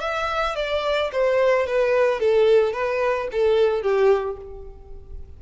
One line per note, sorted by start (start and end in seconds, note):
0.00 0.55 E5
0.55 1.10 D5
1.12 1.66 C5
1.66 2.19 B4
2.19 2.73 A4
2.73 3.28 B4
3.32 3.82 A4
3.82 4.37 G4